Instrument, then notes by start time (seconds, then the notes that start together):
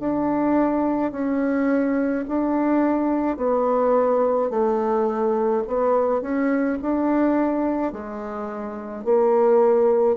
bassoon
0.00 D4
1.12 C#4
2.28 D4
3.37 B3
4.50 A3
5.68 B3
6.22 C#4
6.82 D4
7.92 G#3
9.05 A#3